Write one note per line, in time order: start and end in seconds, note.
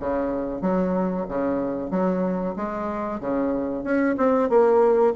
0.00 0.62 C#3
0.62 1.26 F#3
1.28 1.91 C#3
1.91 2.55 F#3
2.56 3.21 G#3
3.21 3.84 C#3
3.84 4.16 C#4
4.18 4.50 C4
4.50 5.14 A#3